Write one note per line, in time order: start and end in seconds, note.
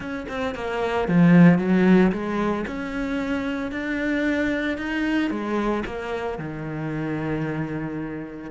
0.00 0.26 C#4
0.28 0.54 C4
0.55 1.08 A#3
1.08 1.58 F3
1.58 2.11 F#3
2.12 2.65 G#3
2.66 3.71 C#4
3.71 4.77 D4
4.77 5.30 D#4
5.30 5.83 G#3
5.86 6.38 A#3
6.38 8.50 D#3